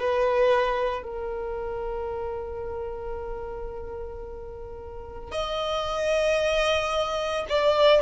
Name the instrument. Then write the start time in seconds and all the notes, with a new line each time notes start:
violin
0.00 B4
1.03 A#4
5.31 D#5
7.49 D5